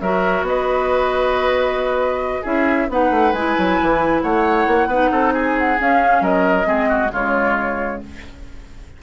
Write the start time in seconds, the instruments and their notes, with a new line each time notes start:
0.00 bassoon F#3, clarinet F#4, oboe A#4, flute E5
0.42 bassoon B3, oboe B4, flute D#5
2.42 bassoon C#4, clarinet E4, oboe G#4, flute E5
2.89 bassoon B3, clarinet D#4, oboe B4, flute F#5
3.10 bassoon A3
3.32 bassoon G#3, clarinet E4, flute G#5
3.57 bassoon F#3
3.82 bassoon E3
4.22 bassoon A3, oboe C#5, flute F#5
4.67 bassoon A#3
4.86 bassoon B3, clarinet D#4, oboe B4
5.11 bassoon C4, oboe A4
5.33 oboe G#4, flute G#5
5.58 flute F#5
5.78 clarinet C#4, bassoon C#4, flute F5
6.21 bassoon F#3, oboe A#4, flute D#5
6.64 bassoon G#3, clarinet C4, oboe G#4
6.89 oboe F#4
7.12 bassoon C#3, clarinet G#3, oboe F4, flute C#5